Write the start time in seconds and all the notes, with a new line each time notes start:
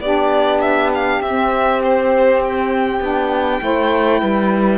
0.00 B3 D4 G4 D5
0.60 E5
0.95 F5
1.21 C4 E5
1.83 C5
2.44 G5
3.00 B3 D4
3.60 A3 E4 C5
4.20 G3 B4